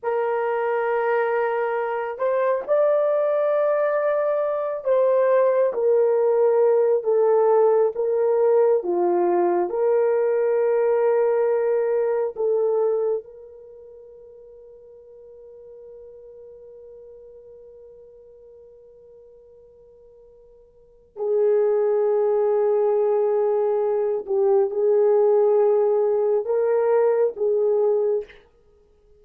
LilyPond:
\new Staff \with { instrumentName = "horn" } { \time 4/4 \tempo 4 = 68 ais'2~ ais'8 c''8 d''4~ | d''4. c''4 ais'4. | a'4 ais'4 f'4 ais'4~ | ais'2 a'4 ais'4~ |
ais'1~ | ais'1 | gis'2.~ gis'8 g'8 | gis'2 ais'4 gis'4 | }